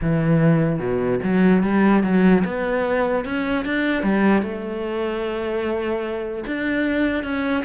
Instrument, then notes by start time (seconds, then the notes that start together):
cello
0.01 E3
0.79 B2
1.23 F#3
1.63 G3
2.03 F#3
2.45 B3
3.25 C#4
3.65 D4
4.03 G3
4.42 A3
6.46 D4
7.23 C#4